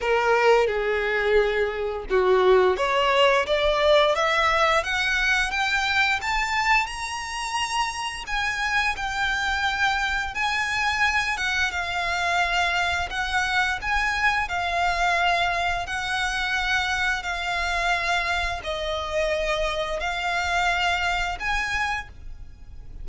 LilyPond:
\new Staff \with { instrumentName = "violin" } { \time 4/4 \tempo 4 = 87 ais'4 gis'2 fis'4 | cis''4 d''4 e''4 fis''4 | g''4 a''4 ais''2 | gis''4 g''2 gis''4~ |
gis''8 fis''8 f''2 fis''4 | gis''4 f''2 fis''4~ | fis''4 f''2 dis''4~ | dis''4 f''2 gis''4 | }